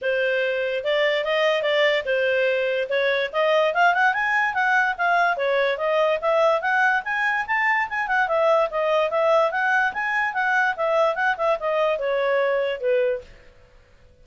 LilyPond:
\new Staff \with { instrumentName = "clarinet" } { \time 4/4 \tempo 4 = 145 c''2 d''4 dis''4 | d''4 c''2 cis''4 | dis''4 f''8 fis''8 gis''4 fis''4 | f''4 cis''4 dis''4 e''4 |
fis''4 gis''4 a''4 gis''8 fis''8 | e''4 dis''4 e''4 fis''4 | gis''4 fis''4 e''4 fis''8 e''8 | dis''4 cis''2 b'4 | }